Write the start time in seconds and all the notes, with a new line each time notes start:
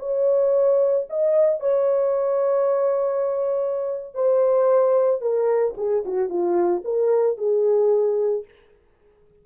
0.00 C#5
1.10 D#5
1.61 C#5
4.15 C5
5.22 A#4
5.78 G#4
6.06 F#4
6.30 F4
6.85 A#4
7.38 G#4